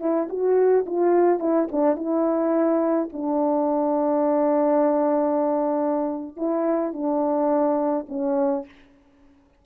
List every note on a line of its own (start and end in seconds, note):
0.00 0.28 E4
0.29 0.86 F#4
0.86 1.40 F4
1.40 1.68 E4
1.72 1.96 D4
1.96 3.10 E4
3.13 6.37 D4
6.37 6.93 E4
6.93 8.07 D4
8.09 8.66 C#4